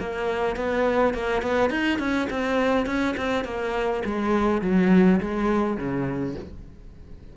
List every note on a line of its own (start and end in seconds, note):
0.00 0.56 A#3
0.56 1.14 B3
1.14 1.42 A#3
1.42 1.70 B3
1.70 1.99 D#4
1.99 2.29 C#4
2.31 2.86 C4
2.86 3.16 C#4
3.17 3.45 C4
3.45 4.03 A#3
4.05 4.62 G#3
4.62 5.20 F#3
5.21 5.77 G#3
5.77 6.36 C#3